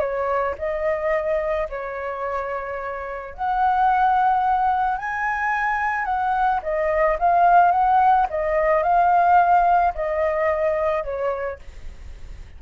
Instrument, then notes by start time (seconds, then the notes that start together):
flute
0.00 C#5
0.59 D#5
1.70 C#5
3.35 F#5
4.98 G#5
6.06 F#5
6.63 D#5
7.19 F5
7.72 F#5
8.30 D#5
8.83 F5
9.95 D#5
11.04 C#5